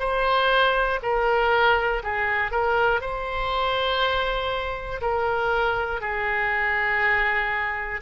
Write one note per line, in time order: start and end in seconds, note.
0.00 1.00 C5
1.03 2.03 A#4
2.03 2.52 G#4
2.52 3.01 A#4
3.01 5.01 C5
5.02 6.01 A#4
6.01 8.01 G#4